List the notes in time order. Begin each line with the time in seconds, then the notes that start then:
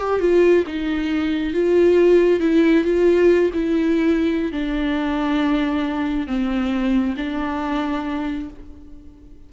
0.00 G4
0.20 F4
0.67 D#4
1.53 F4
2.40 E4
2.84 F4
3.53 E4
4.52 D4
6.27 C4
7.17 D4